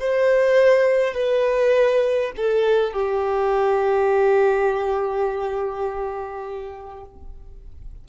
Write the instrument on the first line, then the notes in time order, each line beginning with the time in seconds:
violin
0.00 C5
1.14 B4
2.37 A4
2.93 G4